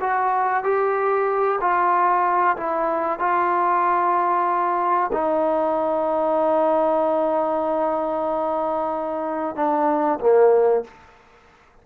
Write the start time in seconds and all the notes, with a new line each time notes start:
0.00 F#4
0.63 G4
1.60 F4
2.56 E4
3.19 F4
5.12 D#4
9.55 D4
10.20 A#3